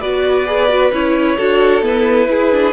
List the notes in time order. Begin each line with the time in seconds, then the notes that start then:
0.00 B3 F#4 B4 D5
0.46 G#4
0.69 F#4
0.92 C#4 E4 C#5
1.36 D4 F#4 A4
1.81 B3 E4 B4
2.29 E4 G#4
2.51 D4